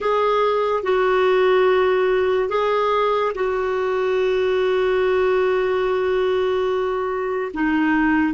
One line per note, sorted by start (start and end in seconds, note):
0.00 0.83 G#4
0.83 2.48 F#4
2.48 3.32 G#4
3.34 7.51 F#4
7.53 8.33 D#4